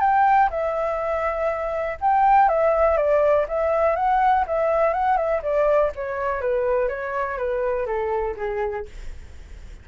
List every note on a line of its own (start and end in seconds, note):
0.00 0.49 G5
0.50 1.97 E5
2.01 2.48 G5
2.48 2.96 E5
2.96 3.46 D5
3.48 3.96 E5
3.96 4.45 F#5
4.47 4.93 E5
4.93 5.17 F#5
5.17 5.41 E5
5.42 5.91 D5
5.95 6.41 C#5
6.41 6.88 B4
6.88 7.37 C#5
7.37 7.86 B4
7.86 8.35 A4
8.36 8.85 G#4